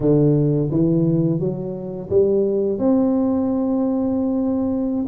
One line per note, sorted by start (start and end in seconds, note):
0.00 0.69 D3
0.70 1.39 E3
1.39 2.09 F#3
2.09 2.78 G3
2.78 5.05 C4